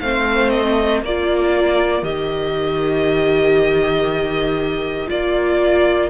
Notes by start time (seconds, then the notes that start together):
0.00 A3 C4 C5 F5
0.50 D#5
1.02 A#3 F4 A#4 D5
2.02 D#3 G4 D#5
5.08 A#3 F4 D5